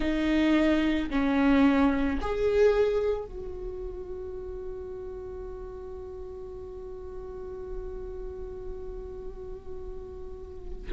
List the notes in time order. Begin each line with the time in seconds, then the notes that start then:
0.00 D#4
1.10 C#4
2.21 G#4
3.25 F#4